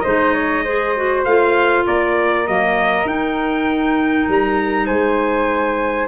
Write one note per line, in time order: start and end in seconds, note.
0.00 1.25 G#3
0.00 0.65 D#4
0.00 0.33 C5
0.00 1.21 D#5
0.33 0.63 C#5
0.64 0.96 G#4
0.64 1.85 C5
0.96 1.26 F#4
1.24 1.86 A3
1.24 2.46 F4
1.24 1.85 F5
1.85 2.47 A#3
1.85 4.86 A#4
1.85 2.47 D5
2.46 3.05 F#3
2.46 3.05 A#3
2.46 3.07 D#5
3.05 6.07 D#4
3.05 4.26 D#4
3.05 4.28 G5
4.28 4.89 G3
4.28 4.86 A#5
4.86 6.07 G#3
4.86 6.07 C5
4.86 6.07 G#5